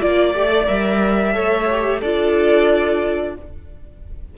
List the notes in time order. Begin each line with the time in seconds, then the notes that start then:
0.00 A#3 F4 D5
0.35 A3 G4
0.49 A4
0.67 G3 A#4 E5
1.33 A3 A4 C#5
1.71 G4
2.00 D4 F4 A4 D5